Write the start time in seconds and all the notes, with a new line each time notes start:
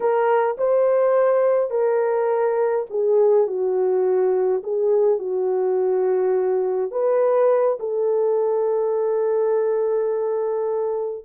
0.00 A#4
0.57 C5
1.70 A#4
2.90 G#4
3.47 F#4
4.63 G#4
5.18 F#4
6.91 B4
7.79 A4